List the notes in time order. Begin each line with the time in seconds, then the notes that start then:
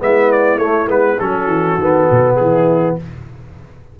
0.00 G#3 B3 E4 E5
0.32 D5
0.57 A3 C#5
0.87 G#3 B3 B4
1.20 F#3 C#4 F#4 A4
1.47 E3
1.78 D#3 B3
2.11 B2
2.37 E3 E4 G#4